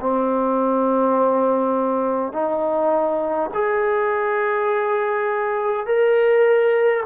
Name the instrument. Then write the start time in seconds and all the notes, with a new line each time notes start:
trombone
0.00 C4
2.33 D#4
3.53 G#4
5.86 A#4